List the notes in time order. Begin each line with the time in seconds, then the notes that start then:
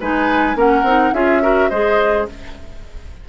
0.00 G#3 D#4 B4 G#5
0.55 A#3 C#4 A#4 F#5
0.83 C4 D#4
1.13 C#4 F4 G#4 E5
1.42 F#4 A#4
1.69 G#3 G#4 C5 D#5